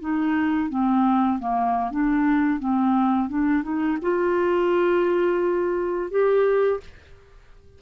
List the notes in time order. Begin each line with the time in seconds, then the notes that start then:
0.00 D#4
0.69 C4
1.39 A#3
1.91 D4
2.59 C4
3.29 D4
3.62 D#4
4.01 F4
6.10 G4